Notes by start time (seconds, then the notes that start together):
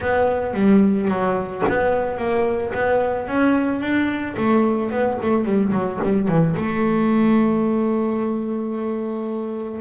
0.00 B3
0.53 G3
1.08 F#3
1.68 B3
2.17 A#3
2.73 B3
3.27 C#4
3.80 D4
4.36 A3
4.90 B3
5.22 A3
5.44 G3
5.72 F#3
6.03 G3
6.28 E3
6.56 A3